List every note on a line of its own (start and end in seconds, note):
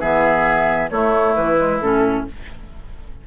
0.00 0.91 E3
0.00 0.90 B3
0.00 0.90 G#4
0.00 0.90 E5
0.90 1.35 A3
0.90 1.56 A3
0.90 2.27 E4
0.90 1.35 C#5
1.35 1.82 E3
1.35 1.80 B4
1.56 1.79 G#3
1.81 2.26 A2
1.81 2.27 C#4
1.81 2.26 A4